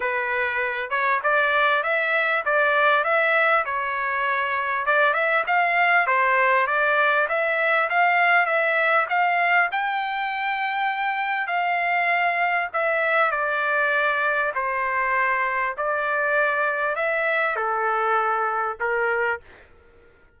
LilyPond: \new Staff \with { instrumentName = "trumpet" } { \time 4/4 \tempo 4 = 99 b'4. cis''8 d''4 e''4 | d''4 e''4 cis''2 | d''8 e''8 f''4 c''4 d''4 | e''4 f''4 e''4 f''4 |
g''2. f''4~ | f''4 e''4 d''2 | c''2 d''2 | e''4 a'2 ais'4 | }